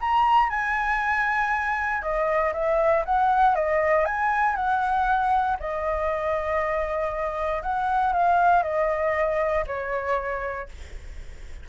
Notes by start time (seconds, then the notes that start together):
0.00 A#5
0.49 G#5
2.02 D#5
2.53 E5
3.05 F#5
3.55 D#5
4.05 G#5
4.55 F#5
5.59 D#5
7.62 F#5
8.13 F5
8.63 D#5
9.67 C#5